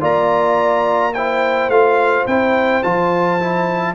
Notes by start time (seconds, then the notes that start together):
0.00 A#3 F4 D5 A#5
1.14 E4 C5 G5
1.69 A3 F4 F5
2.27 C4 E4 G5
2.83 F3 F4 A5
3.40 E4